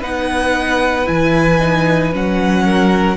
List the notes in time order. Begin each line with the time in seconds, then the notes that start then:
0.00 B3 D#4 B4 F#5
1.05 E3 E4 G#5
1.59 D#4
2.12 F#3 C#4 F#5
2.64 A#4